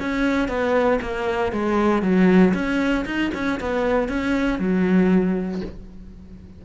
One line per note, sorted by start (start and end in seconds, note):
0.00 0.48 C#4
0.48 1.00 B3
1.02 1.52 A#3
1.52 2.03 G#3
2.03 2.54 F#3
2.54 3.05 C#4
3.06 3.31 D#4
3.34 3.60 C#4
3.60 4.09 B3
4.09 4.59 C#4
4.59 5.62 F#3